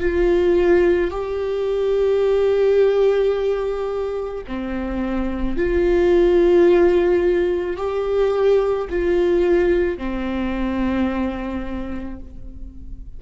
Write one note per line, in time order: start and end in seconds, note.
0.00 1.11 F4
1.11 4.44 G4
4.47 5.57 C4
5.57 7.77 F4
7.77 8.88 G4
8.89 9.97 F4
9.97 12.20 C4